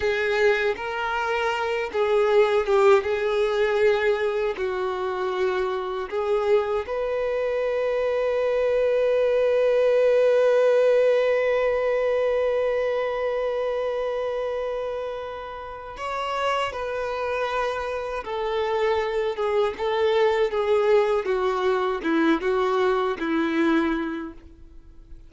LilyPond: \new Staff \with { instrumentName = "violin" } { \time 4/4 \tempo 4 = 79 gis'4 ais'4. gis'4 g'8 | gis'2 fis'2 | gis'4 b'2.~ | b'1~ |
b'1~ | b'4 cis''4 b'2 | a'4. gis'8 a'4 gis'4 | fis'4 e'8 fis'4 e'4. | }